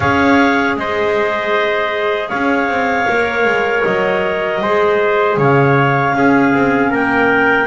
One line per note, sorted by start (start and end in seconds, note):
0.00 0.76 C#4
0.00 3.08 G#4
0.00 0.77 C#5
0.00 0.77 F5
0.76 2.30 G#3
0.76 2.29 C5
0.76 2.28 D#5
2.28 2.68 C#4
2.28 4.60 C#5
2.28 3.82 F5
2.68 3.06 C4
3.09 3.44 A#3
3.09 4.64 A#4
3.44 3.83 G#3
3.83 4.61 F#3
3.83 5.37 D#5
4.61 5.37 G#3
4.61 6.13 G#4
4.61 5.37 C5
5.37 6.14 C#3
5.37 6.14 C#5
5.37 6.94 F5
6.13 7.67 C#4
6.13 6.52 C#4
6.13 6.90 G#4
6.53 6.92 C4
6.90 7.67 A#3
6.90 7.67 A#4
6.90 7.67 G5